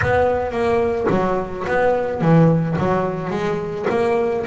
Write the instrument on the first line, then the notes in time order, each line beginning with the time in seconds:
double bass
0.02 B3
0.51 A#3
1.10 F#3
1.67 B3
2.21 E3
2.78 F#3
3.30 G#3
3.89 A#3